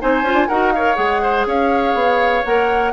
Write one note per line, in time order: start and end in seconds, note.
0.00 0.23 C4
0.00 0.25 D#4
0.00 0.48 C5
0.00 0.49 G#5
0.23 0.34 C#4
0.23 0.50 F4
0.34 0.46 D4
0.48 0.98 D#4
0.48 0.75 F#4
0.48 0.73 A#4
0.48 0.73 F#5
0.73 0.96 A#4
0.73 1.23 C#5
0.73 0.96 F5
0.96 1.46 G#3
0.96 2.44 G#4
0.96 1.45 F#5
1.23 1.47 C5
1.46 1.94 C#4
1.46 2.93 C#5
1.46 2.45 F5
1.94 2.44 B3
2.45 2.93 A#3
2.45 2.93 A#4
2.45 2.93 F#5